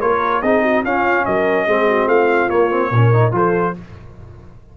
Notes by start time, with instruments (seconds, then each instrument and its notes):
0.00 tuba A#3, trombone F4, horn A#4, trumpet C#5
0.41 tuba C4, trombone D#4, horn G#4, trumpet D#5
0.62 horn F#4
0.83 tuba C#4, trombone C#4, horn F4, trumpet F5
1.25 tuba F#3, horn A#4, trumpet D#5
1.65 tuba G#3, trombone C4, horn G#4
1.88 horn F#4
2.06 tuba A3, horn F4, trumpet F5
2.49 tuba A#3, trombone A#3, trumpet C#5
2.70 trombone C4
2.90 tuba A#2, trombone C#4, horn A#4
3.12 trombone D#4
3.31 tuba F3, trombone F4, horn A4, trumpet C5